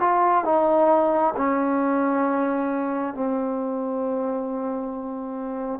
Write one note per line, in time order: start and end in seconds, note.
0.00 0.44 F4
0.44 1.34 D#4
1.37 3.14 C#4
3.14 5.80 C4